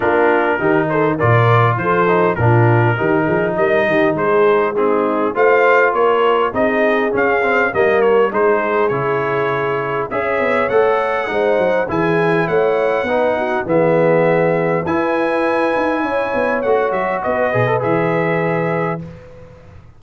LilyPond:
<<
  \new Staff \with { instrumentName = "trumpet" } { \time 4/4 \tempo 4 = 101 ais'4. c''8 d''4 c''4 | ais'2 dis''4 c''4 | gis'4 f''4 cis''4 dis''4 | f''4 dis''8 cis''8 c''4 cis''4~ |
cis''4 e''4 fis''2 | gis''4 fis''2 e''4~ | e''4 gis''2. | fis''8 e''8 dis''4 e''2 | }
  \new Staff \with { instrumentName = "horn" } { \time 4/4 f'4 g'8 a'8 ais'4 a'4 | f'4 g'8 gis'8 ais'8 g'8 gis'4 | dis'4 c''4 ais'4 gis'4~ | gis'4 ais'4 gis'2~ |
gis'4 cis''2 c''4 | gis'4 cis''4 b'8 fis'8 gis'4~ | gis'4 b'2 cis''4~ | cis''4 b'2. | }
  \new Staff \with { instrumentName = "trombone" } { \time 4/4 d'4 dis'4 f'4. dis'8 | d'4 dis'2. | c'4 f'2 dis'4 | cis'8 c'8 ais4 dis'4 e'4~ |
e'4 gis'4 a'4 dis'4 | e'2 dis'4 b4~ | b4 e'2. | fis'4. gis'16 a'16 gis'2 | }
  \new Staff \with { instrumentName = "tuba" } { \time 4/4 ais4 dis4 ais,4 f4 | ais,4 dis8 f8 g8 dis8 gis4~ | gis4 a4 ais4 c'4 | cis'4 g4 gis4 cis4~ |
cis4 cis'8 b8 a4 gis8 fis8 | e4 a4 b4 e4~ | e4 e'4. dis'8 cis'8 b8 | a8 fis8 b8 b,8 e2 | }
>>